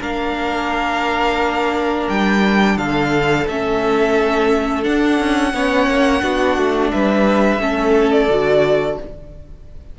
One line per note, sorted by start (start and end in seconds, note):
0.00 2.07 A#3
0.00 3.45 D4
0.00 2.76 A#4
0.00 2.09 F5
2.09 2.77 G3
2.09 2.78 G5
2.76 3.46 D3
2.76 5.52 A4
2.76 3.47 F5
3.47 4.86 A3
3.47 4.82 C#4
3.47 4.84 E5
4.82 5.51 D4
4.82 5.19 D4
4.82 6.91 F#5
5.19 5.53 C#4
5.53 5.87 B3
5.53 6.20 C#4
5.53 6.23 C#5
5.87 6.22 A#3
6.20 6.57 B3
6.20 7.58 D4
6.20 6.92 F#4
6.57 6.92 A3
6.91 7.59 G3
6.91 7.61 B4
6.91 8.11 E5
7.59 8.28 A3
7.59 8.28 C#4
7.59 8.99 A4
8.11 8.98 D5
8.29 8.98 D3
8.29 8.99 F#4